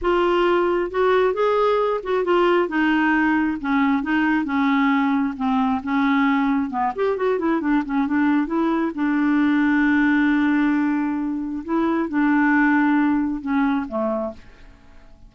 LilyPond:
\new Staff \with { instrumentName = "clarinet" } { \time 4/4 \tempo 4 = 134 f'2 fis'4 gis'4~ | gis'8 fis'8 f'4 dis'2 | cis'4 dis'4 cis'2 | c'4 cis'2 b8 g'8 |
fis'8 e'8 d'8 cis'8 d'4 e'4 | d'1~ | d'2 e'4 d'4~ | d'2 cis'4 a4 | }